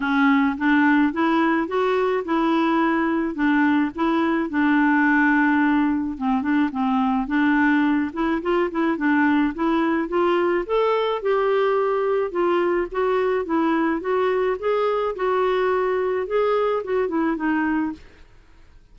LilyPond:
\new Staff \with { instrumentName = "clarinet" } { \time 4/4 \tempo 4 = 107 cis'4 d'4 e'4 fis'4 | e'2 d'4 e'4 | d'2. c'8 d'8 | c'4 d'4. e'8 f'8 e'8 |
d'4 e'4 f'4 a'4 | g'2 f'4 fis'4 | e'4 fis'4 gis'4 fis'4~ | fis'4 gis'4 fis'8 e'8 dis'4 | }